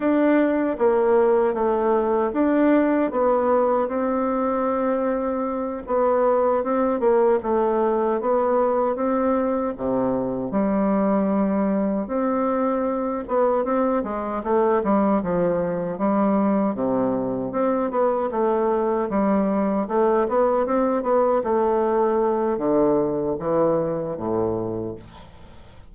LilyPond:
\new Staff \with { instrumentName = "bassoon" } { \time 4/4 \tempo 4 = 77 d'4 ais4 a4 d'4 | b4 c'2~ c'8 b8~ | b8 c'8 ais8 a4 b4 c'8~ | c'8 c4 g2 c'8~ |
c'4 b8 c'8 gis8 a8 g8 f8~ | f8 g4 c4 c'8 b8 a8~ | a8 g4 a8 b8 c'8 b8 a8~ | a4 d4 e4 a,4 | }